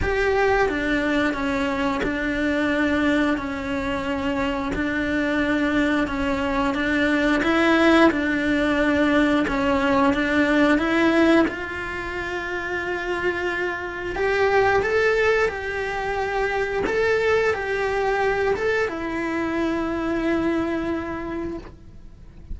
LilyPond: \new Staff \with { instrumentName = "cello" } { \time 4/4 \tempo 4 = 89 g'4 d'4 cis'4 d'4~ | d'4 cis'2 d'4~ | d'4 cis'4 d'4 e'4 | d'2 cis'4 d'4 |
e'4 f'2.~ | f'4 g'4 a'4 g'4~ | g'4 a'4 g'4. a'8 | e'1 | }